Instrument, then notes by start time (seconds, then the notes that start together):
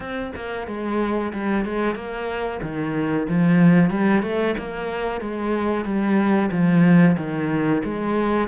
cello
0.00 C4
0.35 A#3
0.67 G#3
1.32 G3
1.65 G#3
1.95 A#3
2.61 D#3
3.28 F3
3.90 G3
4.22 A3
4.58 A#3
5.20 G#3
5.84 G3
6.51 F3
7.17 D#3
7.84 G#3